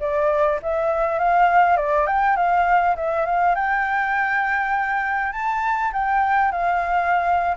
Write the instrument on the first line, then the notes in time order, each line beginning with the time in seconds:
flute
0.00 D5
0.62 E5
1.19 F5
1.77 D5
2.07 G5
2.36 F5
2.96 E5
3.26 F5
3.55 G5
5.32 A5
5.93 G5
6.52 F5